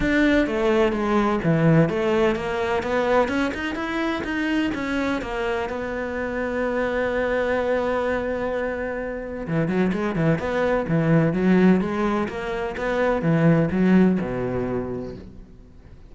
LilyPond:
\new Staff \with { instrumentName = "cello" } { \time 4/4 \tempo 4 = 127 d'4 a4 gis4 e4 | a4 ais4 b4 cis'8 dis'8 | e'4 dis'4 cis'4 ais4 | b1~ |
b1 | e8 fis8 gis8 e8 b4 e4 | fis4 gis4 ais4 b4 | e4 fis4 b,2 | }